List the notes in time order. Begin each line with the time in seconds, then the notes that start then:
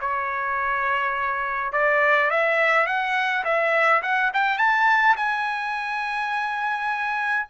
0.00 C#5
1.72 D5
2.30 E5
2.86 F#5
3.44 E5
4.02 F#5
4.33 G5
4.58 A5
5.16 G#5